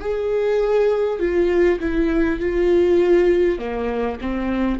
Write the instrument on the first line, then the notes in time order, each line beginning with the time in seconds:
viola
0.00 G#4
1.19 F4
1.79 E4
2.39 F4
3.59 A#3
4.21 C4